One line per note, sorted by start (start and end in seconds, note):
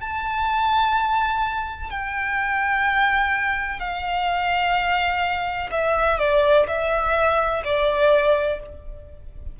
0.00 1.90 A5
1.90 3.79 G5
3.79 5.70 F5
5.71 6.19 E5
6.19 6.66 D5
6.67 7.62 E5
7.64 8.59 D5